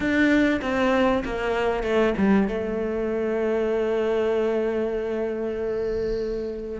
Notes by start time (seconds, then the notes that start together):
0.00 D4
0.61 C4
1.24 A#3
1.83 A3
2.17 G3
2.47 A3